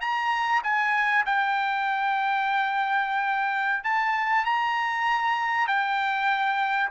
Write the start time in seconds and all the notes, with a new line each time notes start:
0.00 A#5
0.63 G#5
1.26 G5
3.83 A5
4.45 A#5
5.67 G5